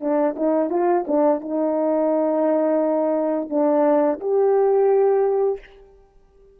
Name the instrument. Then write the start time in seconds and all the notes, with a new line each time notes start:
horn
0.00 D4
0.36 D#4
0.70 F4
1.07 D4
1.40 D#4
3.49 D4
4.20 G4